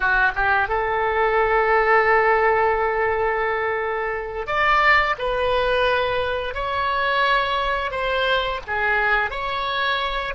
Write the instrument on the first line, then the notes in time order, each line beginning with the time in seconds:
oboe
0.00 F#4
0.34 G4
0.68 A4
4.46 D5
5.18 B4
6.54 C#5
7.91 C5
8.67 G#4
9.30 C#5